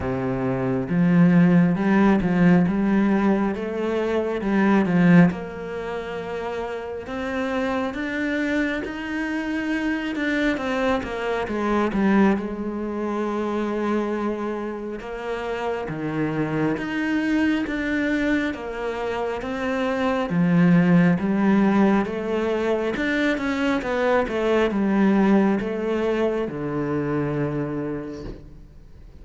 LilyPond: \new Staff \with { instrumentName = "cello" } { \time 4/4 \tempo 4 = 68 c4 f4 g8 f8 g4 | a4 g8 f8 ais2 | c'4 d'4 dis'4. d'8 | c'8 ais8 gis8 g8 gis2~ |
gis4 ais4 dis4 dis'4 | d'4 ais4 c'4 f4 | g4 a4 d'8 cis'8 b8 a8 | g4 a4 d2 | }